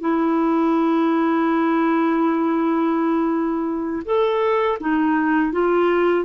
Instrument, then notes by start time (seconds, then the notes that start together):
clarinet
0.00 E4
4.05 A4
4.80 D#4
5.52 F4